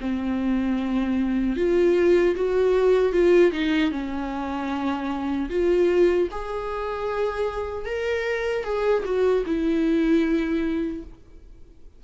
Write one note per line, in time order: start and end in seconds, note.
0.00 1.56 C4
1.56 2.35 F4
2.35 3.12 F#4
3.12 3.51 F4
3.52 3.91 D#4
3.91 5.49 C#4
5.49 6.28 F4
6.31 7.85 G#4
7.85 8.64 A#4
8.64 9.03 G#4
9.04 9.44 F#4
9.46 11.03 E4